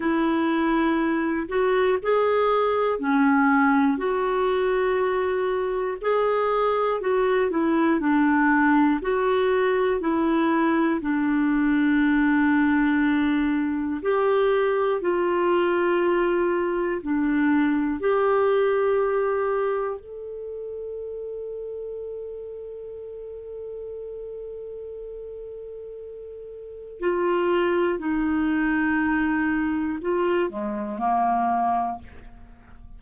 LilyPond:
\new Staff \with { instrumentName = "clarinet" } { \time 4/4 \tempo 4 = 60 e'4. fis'8 gis'4 cis'4 | fis'2 gis'4 fis'8 e'8 | d'4 fis'4 e'4 d'4~ | d'2 g'4 f'4~ |
f'4 d'4 g'2 | a'1~ | a'2. f'4 | dis'2 f'8 gis8 ais4 | }